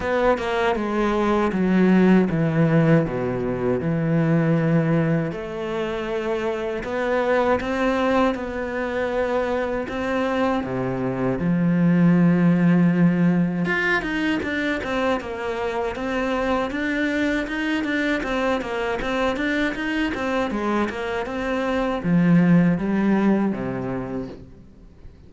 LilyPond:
\new Staff \with { instrumentName = "cello" } { \time 4/4 \tempo 4 = 79 b8 ais8 gis4 fis4 e4 | b,4 e2 a4~ | a4 b4 c'4 b4~ | b4 c'4 c4 f4~ |
f2 f'8 dis'8 d'8 c'8 | ais4 c'4 d'4 dis'8 d'8 | c'8 ais8 c'8 d'8 dis'8 c'8 gis8 ais8 | c'4 f4 g4 c4 | }